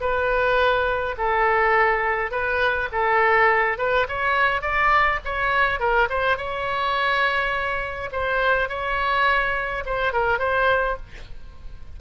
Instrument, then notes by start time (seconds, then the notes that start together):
oboe
0.00 B4
1.17 A4
2.31 B4
2.92 A4
3.78 B4
4.08 C#5
4.61 D5
5.24 C#5
5.79 A#4
6.09 C5
6.37 C#5
8.12 C5
8.69 C#5
9.85 C5
10.13 A#4
10.38 C5